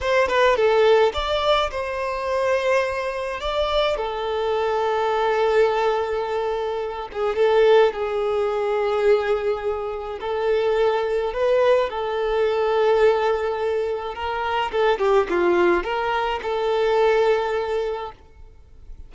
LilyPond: \new Staff \with { instrumentName = "violin" } { \time 4/4 \tempo 4 = 106 c''8 b'8 a'4 d''4 c''4~ | c''2 d''4 a'4~ | a'1~ | a'8 gis'8 a'4 gis'2~ |
gis'2 a'2 | b'4 a'2.~ | a'4 ais'4 a'8 g'8 f'4 | ais'4 a'2. | }